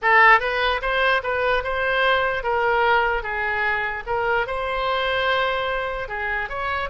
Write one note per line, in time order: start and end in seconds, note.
0.02 0.40 A4
0.40 0.80 B4
0.81 1.22 C5
1.23 1.63 B4
1.63 2.43 C5
2.43 3.22 A#4
3.22 4.03 G#4
4.06 4.46 A#4
4.46 6.08 C5
6.08 6.49 G#4
6.49 6.89 C#5